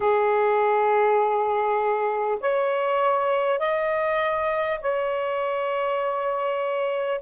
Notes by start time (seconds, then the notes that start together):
0.00 G#4
2.40 C#5
3.59 D#5
4.81 C#5